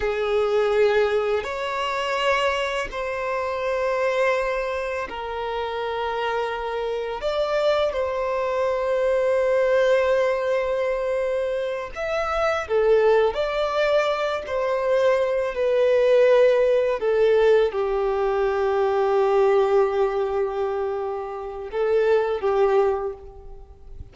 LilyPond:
\new Staff \with { instrumentName = "violin" } { \time 4/4 \tempo 4 = 83 gis'2 cis''2 | c''2. ais'4~ | ais'2 d''4 c''4~ | c''1~ |
c''8 e''4 a'4 d''4. | c''4. b'2 a'8~ | a'8 g'2.~ g'8~ | g'2 a'4 g'4 | }